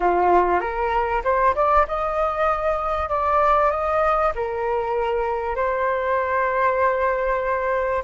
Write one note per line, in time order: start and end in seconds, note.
0.00 0.60 F4
0.60 1.22 A#4
1.24 1.55 C5
1.55 1.86 D5
1.87 3.09 D#5
3.09 3.70 D5
3.70 4.32 D#5
4.35 5.55 A#4
5.55 8.03 C5